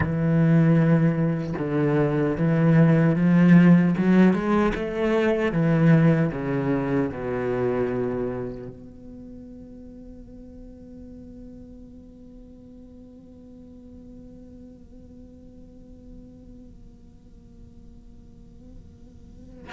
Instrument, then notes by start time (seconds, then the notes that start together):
cello
0.00 E3
1.58 D3
2.37 E3
3.15 F3
3.97 F#3
4.33 G#3
4.74 A3
5.52 E3
6.32 C#3
7.11 B2
8.68 B3